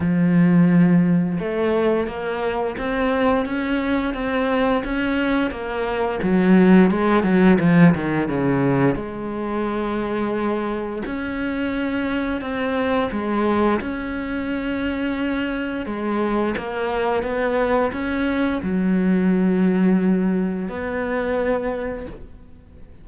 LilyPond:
\new Staff \with { instrumentName = "cello" } { \time 4/4 \tempo 4 = 87 f2 a4 ais4 | c'4 cis'4 c'4 cis'4 | ais4 fis4 gis8 fis8 f8 dis8 | cis4 gis2. |
cis'2 c'4 gis4 | cis'2. gis4 | ais4 b4 cis'4 fis4~ | fis2 b2 | }